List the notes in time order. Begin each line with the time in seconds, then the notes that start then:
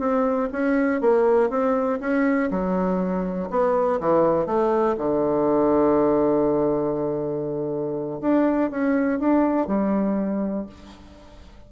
0.00 C4
0.53 C#4
1.01 A#3
1.50 C4
2.01 C#4
2.51 F#3
3.50 B3
4.01 E3
4.47 A3
4.98 D3
8.21 D4
8.71 C#4
9.20 D4
9.68 G3